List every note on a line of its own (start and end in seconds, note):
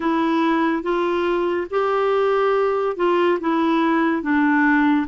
0.00 0.82 E4
0.82 1.67 F4
1.70 2.96 G4
2.96 3.38 F4
3.40 4.22 E4
4.22 5.06 D4